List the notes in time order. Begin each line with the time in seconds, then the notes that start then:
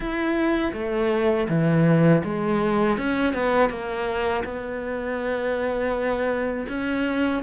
0.00 E4
0.73 A3
1.48 E3
2.24 G#3
2.97 C#4
3.33 B3
3.69 A#3
4.44 B3
6.68 C#4